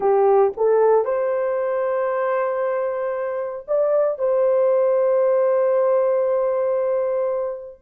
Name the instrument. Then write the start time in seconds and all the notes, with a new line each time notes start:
horn
0.00 G4
0.56 A4
1.04 C5
3.67 D5
4.18 C5